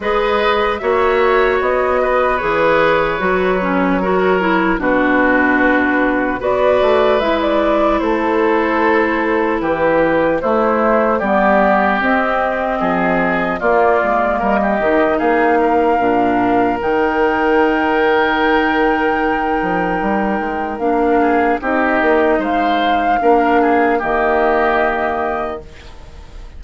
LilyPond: <<
  \new Staff \with { instrumentName = "flute" } { \time 4/4 \tempo 4 = 75 dis''4 e''4 dis''4 cis''4~ | cis''2 b'2 | d''4 e''16 d''8. c''2 | b'4 c''4 d''4 dis''4~ |
dis''4 d''4 dis''4 f''4~ | f''4 g''2.~ | g''2 f''4 dis''4 | f''2 dis''2 | }
  \new Staff \with { instrumentName = "oboe" } { \time 4/4 b'4 cis''4. b'4.~ | b'4 ais'4 fis'2 | b'2 a'2 | g'4 e'4 g'2 |
gis'4 f'4 ais'16 g'8. gis'8 ais'8~ | ais'1~ | ais'2~ ais'8 gis'8 g'4 | c''4 ais'8 gis'8 g'2 | }
  \new Staff \with { instrumentName = "clarinet" } { \time 4/4 gis'4 fis'2 gis'4 | fis'8 cis'8 fis'8 e'8 d'2 | fis'4 e'2.~ | e'4 a4 b4 c'4~ |
c'4 ais4. dis'4. | d'4 dis'2.~ | dis'2 d'4 dis'4~ | dis'4 d'4 ais2 | }
  \new Staff \with { instrumentName = "bassoon" } { \time 4/4 gis4 ais4 b4 e4 | fis2 b,2 | b8 a8 gis4 a2 | e4 a4 g4 c'4 |
f4 ais8 gis8 g8 dis8 ais4 | ais,4 dis2.~ | dis8 f8 g8 gis8 ais4 c'8 ais8 | gis4 ais4 dis2 | }
>>